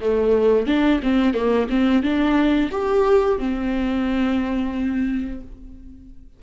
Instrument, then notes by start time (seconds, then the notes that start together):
viola
0.00 A3
0.66 D4
1.03 C4
1.34 A#3
1.69 C4
2.02 D4
2.71 G4
3.38 C4